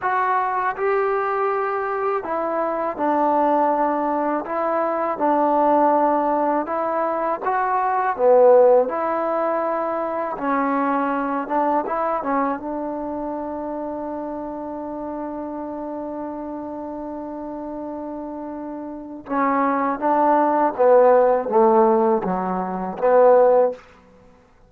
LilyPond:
\new Staff \with { instrumentName = "trombone" } { \time 4/4 \tempo 4 = 81 fis'4 g'2 e'4 | d'2 e'4 d'4~ | d'4 e'4 fis'4 b4 | e'2 cis'4. d'8 |
e'8 cis'8 d'2.~ | d'1~ | d'2 cis'4 d'4 | b4 a4 fis4 b4 | }